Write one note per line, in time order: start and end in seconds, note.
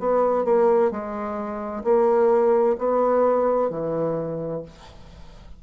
0.00 0.45 B3
0.45 0.91 A#3
0.91 1.84 G#3
1.84 2.77 A#3
2.79 3.70 B3
3.70 4.62 E3